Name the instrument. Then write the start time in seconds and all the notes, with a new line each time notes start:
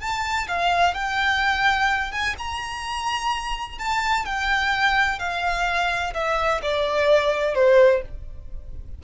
violin
0.00 A5
0.47 F5
0.94 G5
2.11 G#5
2.38 A#5
3.78 A5
4.25 G5
5.19 F5
6.14 E5
6.62 D5
7.54 C5